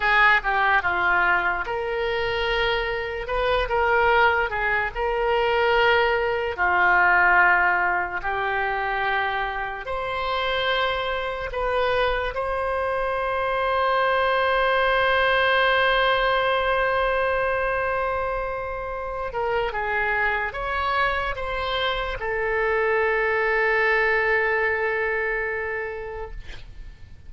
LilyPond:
\new Staff \with { instrumentName = "oboe" } { \time 4/4 \tempo 4 = 73 gis'8 g'8 f'4 ais'2 | b'8 ais'4 gis'8 ais'2 | f'2 g'2 | c''2 b'4 c''4~ |
c''1~ | c''2.~ c''8 ais'8 | gis'4 cis''4 c''4 a'4~ | a'1 | }